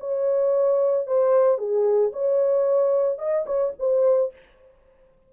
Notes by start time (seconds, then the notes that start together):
0.00 C#5
1.07 C5
1.58 G#4
2.13 C#5
3.19 D#5
3.46 C#5
3.79 C5